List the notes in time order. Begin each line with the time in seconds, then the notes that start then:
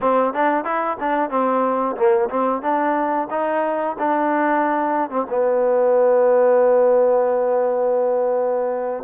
0.00 C4
0.33 D4
0.64 E4
1.00 D4
1.29 C4
1.96 A#3
2.29 C4
2.62 D4
3.30 D#4
3.98 D4
5.09 C4
5.29 B3